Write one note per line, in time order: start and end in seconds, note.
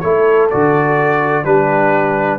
0.00 0.52 A3
0.00 0.51 E4
0.00 1.45 A4
0.00 0.48 C#5
0.50 1.45 D3
0.50 1.45 F#4
0.50 1.45 D5
1.45 2.39 G3
1.45 2.39 D4
1.45 2.39 G4
1.45 2.39 B4